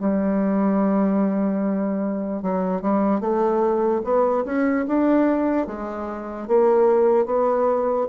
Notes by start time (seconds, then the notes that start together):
0.00 G3
2.43 F#3
2.82 G3
3.21 A3
4.04 B3
4.46 C#4
4.88 D4
5.67 G#3
6.48 A#3
7.26 B3